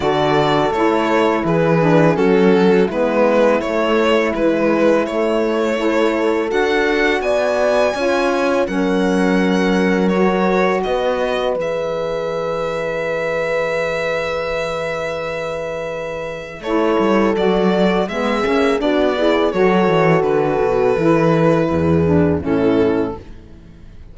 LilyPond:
<<
  \new Staff \with { instrumentName = "violin" } { \time 4/4 \tempo 4 = 83 d''4 cis''4 b'4 a'4 | b'4 cis''4 b'4 cis''4~ | cis''4 fis''4 gis''2 | fis''2 cis''4 dis''4 |
e''1~ | e''2. cis''4 | d''4 e''4 d''4 cis''4 | b'2. a'4 | }
  \new Staff \with { instrumentName = "horn" } { \time 4/4 a'2 gis'4 fis'4 | e'1 | a'2 d''4 cis''4 | ais'2. b'4~ |
b'1~ | b'2. a'4~ | a'4 gis'4 fis'8 gis'8 a'4~ | a'2 gis'4 e'4 | }
  \new Staff \with { instrumentName = "saxophone" } { \time 4/4 fis'4 e'4. d'8 cis'4 | b4 a4 e4 a4 | e'4 fis'2 f'4 | cis'2 fis'2 |
gis'1~ | gis'2. e'4 | fis'4 b8 cis'8 d'8 e'8 fis'4~ | fis'4 e'4. d'8 cis'4 | }
  \new Staff \with { instrumentName = "cello" } { \time 4/4 d4 a4 e4 fis4 | gis4 a4 gis4 a4~ | a4 d'4 b4 cis'4 | fis2. b4 |
e1~ | e2. a8 g8 | fis4 gis8 ais8 b4 fis8 e8 | d8 b,8 e4 e,4 a,4 | }
>>